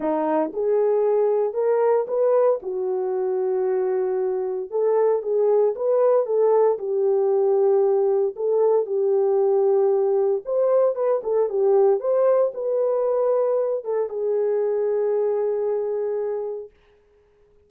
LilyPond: \new Staff \with { instrumentName = "horn" } { \time 4/4 \tempo 4 = 115 dis'4 gis'2 ais'4 | b'4 fis'2.~ | fis'4 a'4 gis'4 b'4 | a'4 g'2. |
a'4 g'2. | c''4 b'8 a'8 g'4 c''4 | b'2~ b'8 a'8 gis'4~ | gis'1 | }